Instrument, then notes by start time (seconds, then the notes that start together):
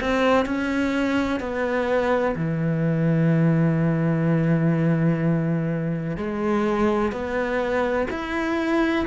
cello
0.00 C4
0.45 C#4
1.40 B3
2.35 E3
6.16 G#3
7.12 B3
8.10 E4